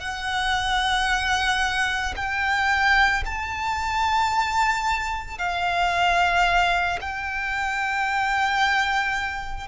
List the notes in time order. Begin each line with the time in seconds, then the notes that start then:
0.00 F#5
2.16 G5
3.25 A5
5.39 F5
7.01 G5